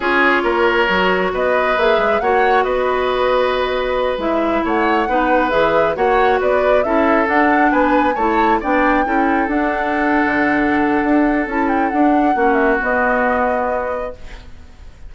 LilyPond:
<<
  \new Staff \with { instrumentName = "flute" } { \time 4/4 \tempo 4 = 136 cis''2. dis''4 | e''4 fis''4 dis''2~ | dis''4. e''4 fis''4.~ | fis''8 e''4 fis''4 d''4 e''8~ |
e''8 fis''4 gis''4 a''4 g''8~ | g''4. fis''2~ fis''8~ | fis''2 a''8 g''8 fis''4~ | fis''8 e''8 dis''2. | }
  \new Staff \with { instrumentName = "oboe" } { \time 4/4 gis'4 ais'2 b'4~ | b'4 cis''4 b'2~ | b'2~ b'8 cis''4 b'8~ | b'4. cis''4 b'4 a'8~ |
a'4. b'4 cis''4 d''8~ | d''8 a'2.~ a'8~ | a'1 | fis'1 | }
  \new Staff \with { instrumentName = "clarinet" } { \time 4/4 f'2 fis'2 | gis'4 fis'2.~ | fis'4. e'2 dis'8~ | dis'8 gis'4 fis'2 e'8~ |
e'8 d'2 e'4 d'8~ | d'8 e'4 d'2~ d'8~ | d'2 e'4 d'4 | cis'4 b2. | }
  \new Staff \with { instrumentName = "bassoon" } { \time 4/4 cis'4 ais4 fis4 b4 | ais8 gis8 ais4 b2~ | b4. gis4 a4 b8~ | b8 e4 ais4 b4 cis'8~ |
cis'8 d'4 b4 a4 b8~ | b8 cis'4 d'4.~ d'16 d8.~ | d4 d'4 cis'4 d'4 | ais4 b2. | }
>>